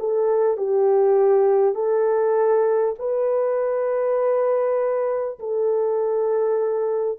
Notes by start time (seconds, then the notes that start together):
0.00 A4
0.58 G4
1.76 A4
2.99 B4
5.40 A4